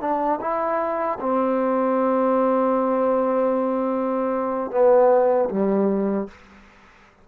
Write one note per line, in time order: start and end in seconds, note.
0.00 0.39 D4
0.40 1.18 E4
1.20 4.71 C4
4.71 5.49 B3
5.49 6.27 G3